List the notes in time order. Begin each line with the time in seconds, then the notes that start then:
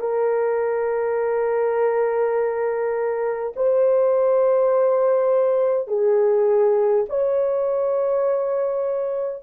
0.00 A#4
3.56 C5
5.87 G#4
7.09 C#5